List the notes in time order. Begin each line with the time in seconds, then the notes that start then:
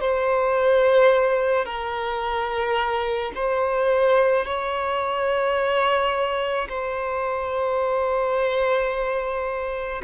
0.00 C5
1.65 A#4
3.35 C5
4.45 C#5
6.68 C5